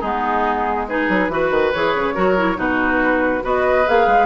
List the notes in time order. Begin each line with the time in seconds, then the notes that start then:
0.00 G#3 B3 D#4 G#4
0.88 D#4 G#4 B4
1.09 F#3
1.29 E3 F#4 B4
1.50 D#3
1.73 E3 G#4 C#5
1.94 C#3
2.14 F#3 F#4 A#4
2.36 E4
2.55 B2 D#4 F#4 B4
3.42 B3 F#4 B4 D#5
3.86 A#3 G#4 F5
4.07 G#3